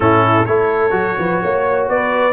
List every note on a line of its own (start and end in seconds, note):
0.00 0.46 A2
0.00 0.46 C#4
0.00 0.47 E4
0.00 0.45 A4
0.45 0.91 A3
0.45 0.90 E4
0.45 1.18 A4
0.45 1.87 C#5
0.90 1.15 F#3
0.90 2.32 F#4
1.18 1.42 F3
1.18 1.42 B4
1.42 1.88 A#3
1.42 1.88 C#5
1.88 2.32 B3
1.88 2.32 B4
1.88 2.32 D5